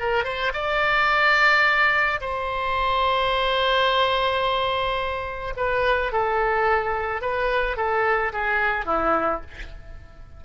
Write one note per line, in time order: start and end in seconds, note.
0.00 0.24 A#4
0.24 0.52 C5
0.54 2.20 D5
2.21 5.54 C5
5.57 6.12 B4
6.12 7.22 A4
7.22 7.77 B4
7.77 8.33 A4
8.33 8.86 G#4
8.86 9.41 E4